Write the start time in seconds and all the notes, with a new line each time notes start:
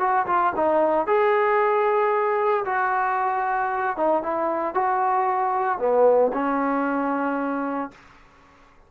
0.00 F#4
0.27 F4
0.56 D#4
1.07 G#4
2.66 F#4
3.97 D#4
4.23 E4
4.75 F#4
5.79 B3
6.33 C#4